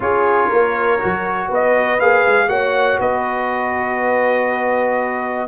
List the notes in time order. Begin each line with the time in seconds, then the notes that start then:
0.00 C#4 F4 G#4 C#5
0.47 A#3 A#4
0.99 F#3 F#4
1.48 B3 B4 D#5
2.00 A#3 G#4 F5
2.26 G#3
2.48 A#3 F#4 C#5 F#5
2.99 B3 B4 D#5